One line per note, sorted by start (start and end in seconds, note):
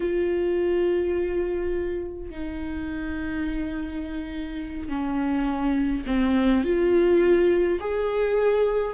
0.00 2.30 F4
2.30 4.88 D#4
4.88 6.04 C#4
6.06 6.63 C4
6.63 7.79 F4
7.79 8.94 G#4